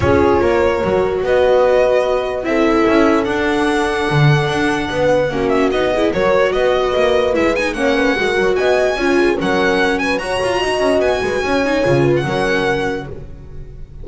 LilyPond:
<<
  \new Staff \with { instrumentName = "violin" } { \time 4/4 \tempo 4 = 147 cis''2. dis''4~ | dis''2 e''2 | fis''1~ | fis''4. e''8 dis''4 cis''4 |
dis''2 e''8 gis''8 fis''4~ | fis''4 gis''2 fis''4~ | fis''8 gis''8 ais''2 gis''4~ | gis''4.~ gis''16 fis''2~ fis''16 | }
  \new Staff \with { instrumentName = "horn" } { \time 4/4 gis'4 ais'2 b'4~ | b'2 a'2~ | a'1 | b'4 fis'4. gis'8 ais'4 |
b'2. cis''8 b'8 | ais'4 dis''4 cis''8 gis'8 ais'4~ | ais'8 b'8 cis''4 dis''4. b'8 | cis''4. b'8 ais'2 | }
  \new Staff \with { instrumentName = "viola" } { \time 4/4 f'2 fis'2~ | fis'2 e'2 | d'1~ | d'4 cis'4 dis'8 e'8 fis'4~ |
fis'2 e'8 dis'8 cis'4 | fis'2 f'4 cis'4~ | cis'4 fis'2.~ | fis'8 dis'8 f'4 cis'2 | }
  \new Staff \with { instrumentName = "double bass" } { \time 4/4 cis'4 ais4 fis4 b4~ | b2 c'4 cis'4 | d'2 d4 d'4 | b4 ais4 b4 fis4 |
b4 ais4 gis4 ais4 | gis8 fis8 b4 cis'4 fis4~ | fis4 fis'8 f'8 dis'8 cis'8 b8 gis8 | cis'4 cis4 fis2 | }
>>